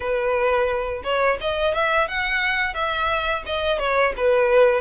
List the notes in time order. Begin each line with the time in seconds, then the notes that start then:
0.00 B4
1.03 C#5
1.40 D#5
1.74 E5
2.08 F#5
2.74 E5
3.46 D#5
3.78 C#5
4.16 B4